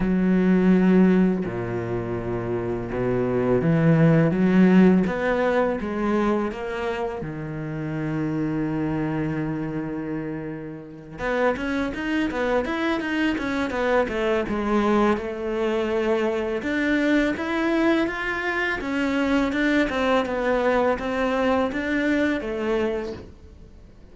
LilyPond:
\new Staff \with { instrumentName = "cello" } { \time 4/4 \tempo 4 = 83 fis2 ais,2 | b,4 e4 fis4 b4 | gis4 ais4 dis2~ | dis2.~ dis8 b8 |
cis'8 dis'8 b8 e'8 dis'8 cis'8 b8 a8 | gis4 a2 d'4 | e'4 f'4 cis'4 d'8 c'8 | b4 c'4 d'4 a4 | }